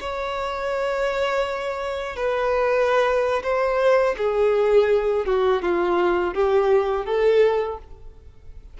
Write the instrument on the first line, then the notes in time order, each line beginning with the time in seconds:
violin
0.00 C#5
2.16 B4
3.43 C5
4.17 G#4
5.26 F#4
5.62 F4
6.34 G4
7.05 A4